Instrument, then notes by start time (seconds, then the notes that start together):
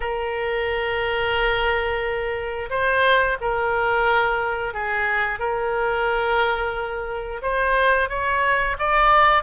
oboe
0.00 A#4
2.70 C5
3.40 A#4
4.73 G#4
5.39 A#4
7.42 C5
8.09 C#5
8.78 D5